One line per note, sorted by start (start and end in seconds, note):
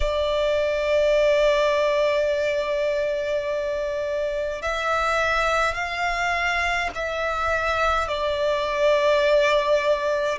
0.00 4.62 D5
4.62 5.74 E5
5.74 6.89 F5
6.94 8.08 E5
8.08 10.38 D5